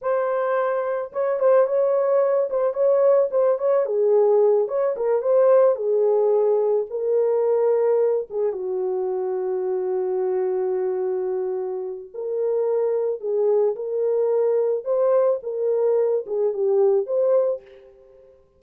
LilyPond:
\new Staff \with { instrumentName = "horn" } { \time 4/4 \tempo 4 = 109 c''2 cis''8 c''8 cis''4~ | cis''8 c''8 cis''4 c''8 cis''8 gis'4~ | gis'8 cis''8 ais'8 c''4 gis'4.~ | gis'8 ais'2~ ais'8 gis'8 fis'8~ |
fis'1~ | fis'2 ais'2 | gis'4 ais'2 c''4 | ais'4. gis'8 g'4 c''4 | }